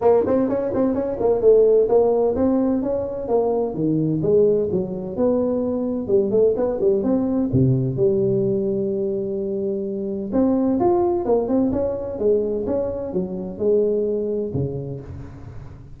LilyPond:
\new Staff \with { instrumentName = "tuba" } { \time 4/4 \tempo 4 = 128 ais8 c'8 cis'8 c'8 cis'8 ais8 a4 | ais4 c'4 cis'4 ais4 | dis4 gis4 fis4 b4~ | b4 g8 a8 b8 g8 c'4 |
c4 g2.~ | g2 c'4 f'4 | ais8 c'8 cis'4 gis4 cis'4 | fis4 gis2 cis4 | }